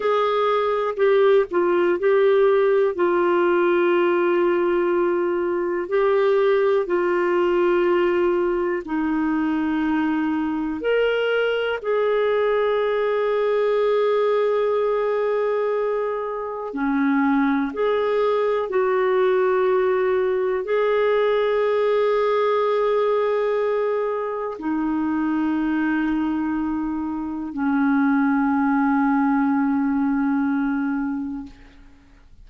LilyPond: \new Staff \with { instrumentName = "clarinet" } { \time 4/4 \tempo 4 = 61 gis'4 g'8 f'8 g'4 f'4~ | f'2 g'4 f'4~ | f'4 dis'2 ais'4 | gis'1~ |
gis'4 cis'4 gis'4 fis'4~ | fis'4 gis'2.~ | gis'4 dis'2. | cis'1 | }